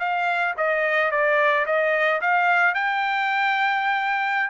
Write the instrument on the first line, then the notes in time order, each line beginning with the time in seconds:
trumpet
0.00 F5
0.57 D#5
1.11 D5
1.66 D#5
2.21 F5
2.74 G5